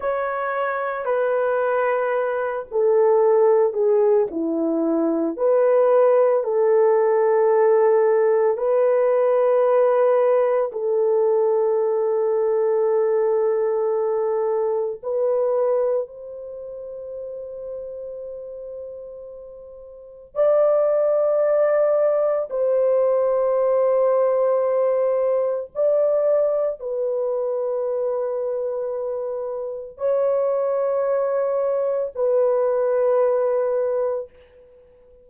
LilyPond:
\new Staff \with { instrumentName = "horn" } { \time 4/4 \tempo 4 = 56 cis''4 b'4. a'4 gis'8 | e'4 b'4 a'2 | b'2 a'2~ | a'2 b'4 c''4~ |
c''2. d''4~ | d''4 c''2. | d''4 b'2. | cis''2 b'2 | }